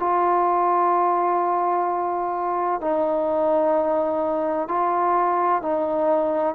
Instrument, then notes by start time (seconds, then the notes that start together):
trombone
0.00 F4
2.81 D#4
4.68 F4
5.62 D#4